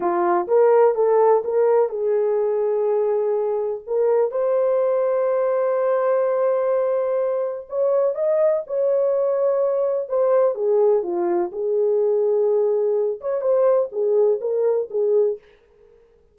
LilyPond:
\new Staff \with { instrumentName = "horn" } { \time 4/4 \tempo 4 = 125 f'4 ais'4 a'4 ais'4 | gis'1 | ais'4 c''2.~ | c''1 |
cis''4 dis''4 cis''2~ | cis''4 c''4 gis'4 f'4 | gis'2.~ gis'8 cis''8 | c''4 gis'4 ais'4 gis'4 | }